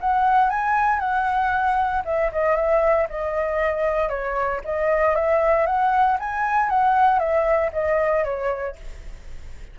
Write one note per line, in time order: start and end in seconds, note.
0.00 0.49 F#5
0.49 0.99 G#5
0.99 2.02 F#5
2.05 2.31 E5
2.32 2.55 D#5
2.55 3.07 E5
3.09 4.09 D#5
4.09 4.60 C#5
4.64 5.15 D#5
5.15 5.66 E5
5.66 6.18 F#5
6.19 6.69 G#5
6.69 7.18 F#5
7.18 7.70 E5
7.72 8.24 D#5
8.24 8.76 C#5